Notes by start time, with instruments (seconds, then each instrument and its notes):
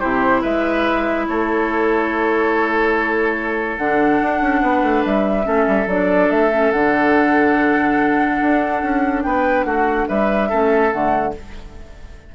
0.00 bassoon C3, clarinet E4, oboe G4, flute C5
0.41 bassoon G#3, oboe B4, flute E5
1.28 bassoon A3, oboe A4, flute C#5
3.77 bassoon D3, clarinet D4, flute F#5
4.22 bassoon D4
4.41 bassoon C#4
4.62 bassoon B3, oboe B4
4.83 bassoon A3
5.05 bassoon G3, flute E5
5.43 bassoon A3, clarinet C#4, oboe A4
5.68 bassoon G3
5.87 bassoon F#3, clarinet D4, flute D5
6.30 bassoon A3, flute E5
6.52 clarinet C#4
6.72 bassoon D3, clarinet D4, flute F#5
8.42 bassoon D4
8.83 bassoon C#4
9.23 bassoon B3, oboe B4, flute G5
9.64 bassoon A3, oboe F#4, flute F#5
10.09 bassoon G3, oboe B4, flute E5
10.49 bassoon A3, clarinet C#4, oboe A4
10.91 bassoon D3, clarinet A3, flute F#5